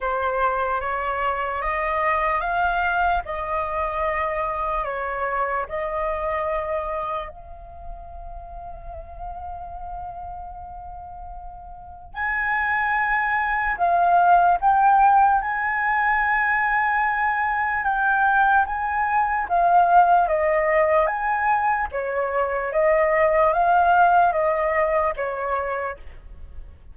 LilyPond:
\new Staff \with { instrumentName = "flute" } { \time 4/4 \tempo 4 = 74 c''4 cis''4 dis''4 f''4 | dis''2 cis''4 dis''4~ | dis''4 f''2.~ | f''2. gis''4~ |
gis''4 f''4 g''4 gis''4~ | gis''2 g''4 gis''4 | f''4 dis''4 gis''4 cis''4 | dis''4 f''4 dis''4 cis''4 | }